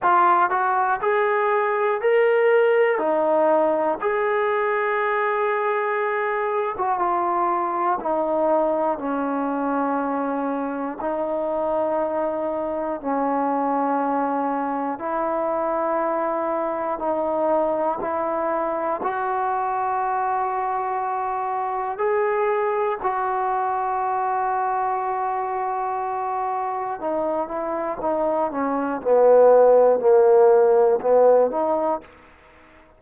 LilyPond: \new Staff \with { instrumentName = "trombone" } { \time 4/4 \tempo 4 = 60 f'8 fis'8 gis'4 ais'4 dis'4 | gis'2~ gis'8. fis'16 f'4 | dis'4 cis'2 dis'4~ | dis'4 cis'2 e'4~ |
e'4 dis'4 e'4 fis'4~ | fis'2 gis'4 fis'4~ | fis'2. dis'8 e'8 | dis'8 cis'8 b4 ais4 b8 dis'8 | }